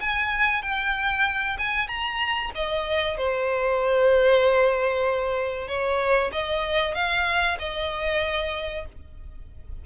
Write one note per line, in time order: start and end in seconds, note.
0.00 0.62 G#5
0.62 1.57 G5
1.58 1.87 G#5
1.87 2.51 A#5
2.55 3.17 D#5
3.17 5.68 C5
5.68 6.31 C#5
6.32 6.94 D#5
6.94 7.58 F5
7.59 8.85 D#5